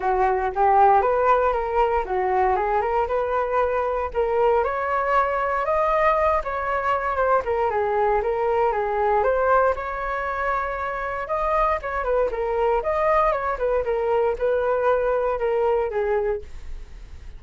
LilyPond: \new Staff \with { instrumentName = "flute" } { \time 4/4 \tempo 4 = 117 fis'4 g'4 b'4 ais'4 | fis'4 gis'8 ais'8 b'2 | ais'4 cis''2 dis''4~ | dis''8 cis''4. c''8 ais'8 gis'4 |
ais'4 gis'4 c''4 cis''4~ | cis''2 dis''4 cis''8 b'8 | ais'4 dis''4 cis''8 b'8 ais'4 | b'2 ais'4 gis'4 | }